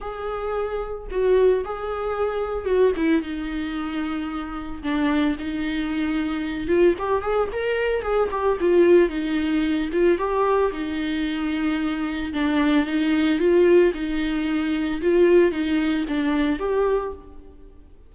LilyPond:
\new Staff \with { instrumentName = "viola" } { \time 4/4 \tempo 4 = 112 gis'2 fis'4 gis'4~ | gis'4 fis'8 e'8 dis'2~ | dis'4 d'4 dis'2~ | dis'8 f'8 g'8 gis'8 ais'4 gis'8 g'8 |
f'4 dis'4. f'8 g'4 | dis'2. d'4 | dis'4 f'4 dis'2 | f'4 dis'4 d'4 g'4 | }